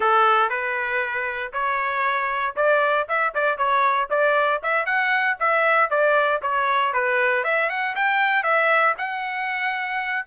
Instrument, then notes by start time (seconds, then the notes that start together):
trumpet
0.00 A4
0.49 B4
1.52 C#5
2.56 D5
3.08 E5
3.34 D5
3.57 C#5
4.10 D5
4.62 E5
4.85 F#5
5.39 E5
5.90 D5
6.41 C#5
6.93 B4
7.44 E5
7.69 F#5
7.95 G5
8.43 E5
8.97 F#5